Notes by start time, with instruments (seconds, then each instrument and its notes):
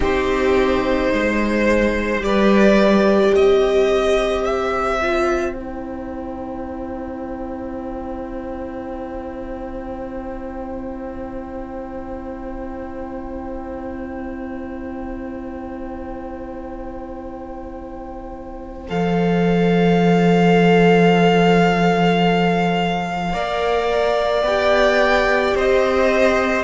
0.00 cello C4, viola D#4, violin G4 C5
1.12 cello G#3, violin C5
2.19 cello G3, viola G4, violin B4 D5
3.34 cello C4, violin C5 D#5
4.45 violin E5
5.01 viola F4
5.53 viola E4, violin G5
18.88 cello F3, viola A4, violin F5
23.32 cello A#3, viola A#4, violin D5
24.43 cello B3, viola G4, violin G5
25.55 cello C4, violin C5 D#5